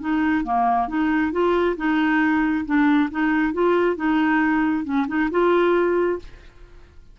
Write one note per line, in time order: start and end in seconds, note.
0.00 0.44 D#4
0.44 0.88 A#3
0.88 1.32 D#4
1.32 1.76 F4
1.77 2.65 D#4
2.65 3.09 D4
3.11 3.53 D#4
3.53 3.96 F4
3.96 4.84 D#4
4.84 5.06 C#4
5.07 5.29 D#4
5.31 6.19 F4